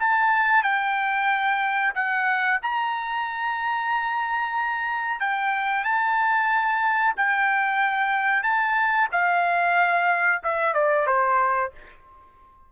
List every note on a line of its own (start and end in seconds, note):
0.00 0.63 A5
0.63 1.94 G5
1.95 2.60 F#5
2.62 5.21 A#5
5.21 5.84 G5
5.84 7.15 A5
7.17 8.43 G5
8.43 9.09 A5
9.12 10.43 F5
10.44 10.74 E5
10.74 11.07 D5
11.07 11.72 C5